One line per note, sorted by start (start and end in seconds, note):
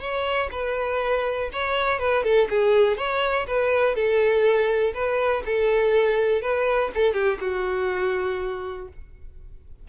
0.00 0.49 C#5
0.51 1.50 B4
1.52 1.99 C#5
1.99 2.23 B4
2.23 2.48 A4
2.49 2.97 G#4
2.97 3.46 C#5
3.47 3.95 B4
3.95 4.93 A4
4.94 5.43 B4
5.45 6.42 A4
6.42 6.91 B4
6.94 7.13 A4
7.13 7.38 G4
7.40 8.88 F#4